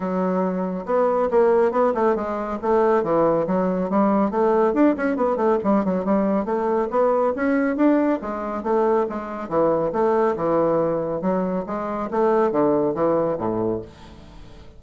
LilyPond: \new Staff \with { instrumentName = "bassoon" } { \time 4/4 \tempo 4 = 139 fis2 b4 ais4 | b8 a8 gis4 a4 e4 | fis4 g4 a4 d'8 cis'8 | b8 a8 g8 fis8 g4 a4 |
b4 cis'4 d'4 gis4 | a4 gis4 e4 a4 | e2 fis4 gis4 | a4 d4 e4 a,4 | }